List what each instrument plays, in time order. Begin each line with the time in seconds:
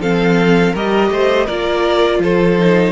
0.00 cello F3, viola C4, violin A4 F5
0.73 cello G3, viola G4, violin A#4 D#5
1.11 cello A3, violin C5
1.46 cello A#3, viola F4, violin A#4 D5
2.19 cello F3, violin A4 C5
2.59 viola D#4